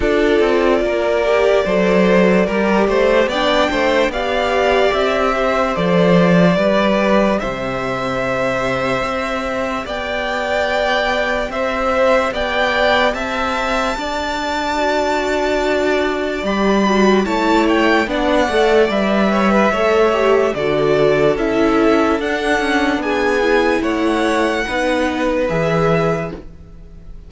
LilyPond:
<<
  \new Staff \with { instrumentName = "violin" } { \time 4/4 \tempo 4 = 73 d''1 | g''4 f''4 e''4 d''4~ | d''4 e''2. | g''2 e''4 g''4 |
a''1 | b''4 a''8 g''8 fis''4 e''4~ | e''4 d''4 e''4 fis''4 | gis''4 fis''2 e''4 | }
  \new Staff \with { instrumentName = "violin" } { \time 4/4 a'4 ais'4 c''4 ais'8 c''8 | d''8 c''8 d''4. c''4. | b'4 c''2. | d''2 c''4 d''4 |
e''4 d''2.~ | d''4 cis''4 d''4. cis''16 b'16 | cis''4 a'2. | gis'4 cis''4 b'2 | }
  \new Staff \with { instrumentName = "viola" } { \time 4/4 f'4. g'8 a'4 g'4 | d'4 g'2 a'4 | g'1~ | g'1~ |
g'2 fis'2 | g'8 fis'8 e'4 d'8 a'8 b'4 | a'8 g'8 fis'4 e'4 d'4~ | d'8 e'4. dis'4 gis'4 | }
  \new Staff \with { instrumentName = "cello" } { \time 4/4 d'8 c'8 ais4 fis4 g8 a8 | b8 a8 b4 c'4 f4 | g4 c2 c'4 | b2 c'4 b4 |
c'4 d'2. | g4 a4 b8 a8 g4 | a4 d4 cis'4 d'8 cis'8 | b4 a4 b4 e4 | }
>>